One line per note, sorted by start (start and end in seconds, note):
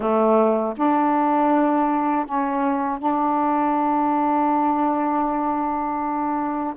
0.00 0.73 A3
0.76 2.25 D4
2.25 2.99 C#4
2.99 6.74 D4